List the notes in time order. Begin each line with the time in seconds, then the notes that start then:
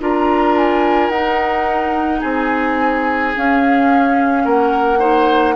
0.00 D4 F4 A#4 A#5
0.57 G#5
1.09 D#4 F#5
2.20 C4 G#4 G#5
3.35 C#4 F5
4.44 A#3 A#4 F#5
4.99 D#4 C5